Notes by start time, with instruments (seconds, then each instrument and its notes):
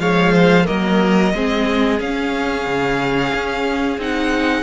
0.00 cello F3, viola G#3, violin C#5 F5
0.33 violin C5
0.64 cello F#3, viola A#3, violin A#4 D#5
1.34 cello G#3, viola C4, violin G#4
1.98 viola C#4, cello C#4, violin F5
2.67 cello C#3
3.34 cello C#4
3.98 cello C4, viola D#4, violin F#5